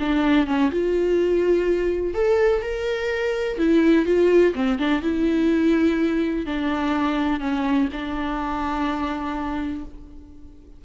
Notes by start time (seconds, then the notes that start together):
0.00 D4
0.47 C#4
0.71 F4
2.14 A4
2.62 A#4
3.58 E4
4.06 F4
4.55 C4
4.79 D4
5.02 E4
6.46 D4
7.41 C#4
7.93 D4